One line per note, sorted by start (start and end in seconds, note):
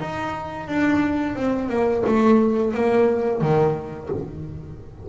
0.00 0.67 D#4
0.67 1.35 D4
1.35 1.69 C4
1.69 2.03 A#3
2.06 2.73 A3
2.73 3.41 A#3
3.41 4.09 D#3